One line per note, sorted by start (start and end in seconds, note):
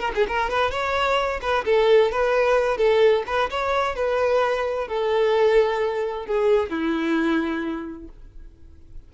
0.00 0.12 A#4
0.15 0.27 G#4
0.28 0.50 A#4
0.50 0.71 B4
0.71 1.41 C#5
1.42 1.65 B4
1.66 2.12 A4
2.12 2.78 B4
2.78 3.24 A4
3.27 3.50 B4
3.51 3.96 C#5
3.96 4.88 B4
4.88 6.26 A4
6.26 6.70 G#4
6.70 8.08 E4